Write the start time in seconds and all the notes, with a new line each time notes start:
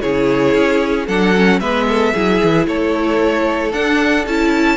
0.00 C#3 E4 G#4 C#5
0.54 C#4
1.06 F#3 D4 A4 F#5
1.36 C#4
1.60 G#3 B3 B4 E5
1.88 A4
2.13 F#3 E4 G#4
2.43 E3
2.66 A3 A4 C#5
3.72 D4 F#5
4.26 C#4 E4 A5